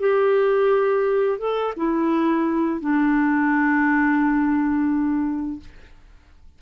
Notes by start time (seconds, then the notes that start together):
0.00 G4
1.39 A4
1.77 E4
2.81 D4